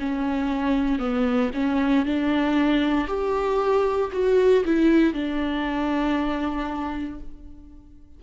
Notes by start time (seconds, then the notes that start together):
0.00 C#4
0.99 B3
1.54 C#4
2.06 D4
3.08 G4
4.12 F#4
4.66 E4
5.14 D4